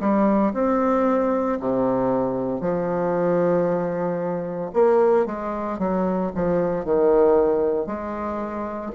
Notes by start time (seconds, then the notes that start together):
0.00 G3
0.53 C4
1.60 C3
2.60 F3
4.73 A#3
5.26 G#3
5.78 F#3
6.35 F3
6.85 D#3
7.87 G#3